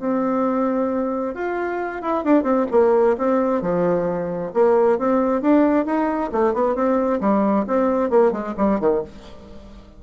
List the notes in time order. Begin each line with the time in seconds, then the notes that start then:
0.00 C4
1.35 F4
2.02 E4
2.24 D4
2.44 C4
2.72 A#3
3.18 C4
3.62 F3
4.54 A#3
4.99 C4
5.42 D4
5.86 D#4
6.32 A3
6.54 B3
6.75 C4
7.21 G3
7.68 C4
8.10 A#3
8.32 G#3
8.58 G3
8.80 D#3